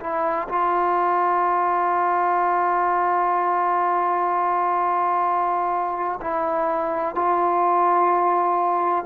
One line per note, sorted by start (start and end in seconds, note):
0.00 0.48 E4
0.48 6.19 F4
6.21 7.15 E4
7.15 9.05 F4